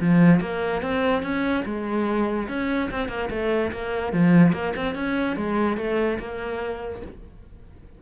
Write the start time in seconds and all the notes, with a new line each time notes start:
0.00 F3
0.40 A#3
0.81 C4
1.22 C#4
1.65 G#3
2.48 C#4
2.90 C4
3.08 A#3
3.30 A3
3.71 A#3
4.12 F3
4.52 A#3
4.76 C4
4.94 C#4
5.36 G#3
5.77 A3
6.19 A#3